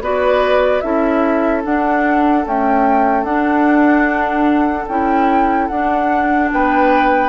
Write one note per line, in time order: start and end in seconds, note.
0.00 0.81 B3
0.00 0.82 F#4
0.00 0.83 B4
0.00 0.80 D5
0.80 1.64 C#4
0.80 1.63 E4
0.80 6.51 A4
0.80 1.61 E5
1.63 2.44 D4
1.63 2.45 D4
1.63 2.45 F#5
2.45 3.25 A3
2.45 3.23 C#4
2.45 3.24 G5
3.23 4.85 D4
3.23 4.87 D4
3.23 4.86 F#5
4.88 5.69 C#4
4.88 5.70 E4
4.88 5.68 G5
5.68 6.51 D4
5.68 7.29 D4
5.68 6.49 F#5
6.52 7.29 B3
6.52 7.29 B4
6.52 7.29 G5